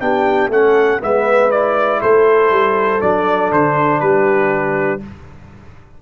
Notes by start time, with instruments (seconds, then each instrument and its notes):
0.00 tuba B3, trombone D4, horn G4, trumpet G5
0.48 tuba A3, trombone C#4, horn A4, trumpet F#5
1.00 tuba G#3, trombone B3, horn B4, trumpet E5
1.50 trombone E4, trumpet D5
2.01 tuba A3, horn A4, trumpet C5
2.51 tuba G3
3.00 tuba F#3, trombone D4, trumpet D5
3.51 tuba D3, trumpet C5
4.00 tuba G3, horn G4, trumpet B4